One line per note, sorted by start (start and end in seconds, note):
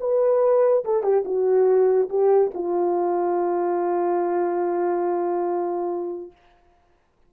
0.00 0.84 B4
0.84 1.03 A4
1.03 1.24 G4
1.25 2.09 F#4
2.09 2.51 G4
2.54 6.31 F4